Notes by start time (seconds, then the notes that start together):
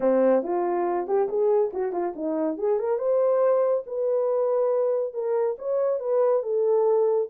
0.00 C4
0.42 F4
1.07 G4
1.28 G#4
1.73 F#4
1.92 F4
2.15 D#4
2.57 G#4
2.79 A#4
2.98 C5
3.86 B4
5.13 A#4
5.58 C#5
5.99 B4
6.42 A4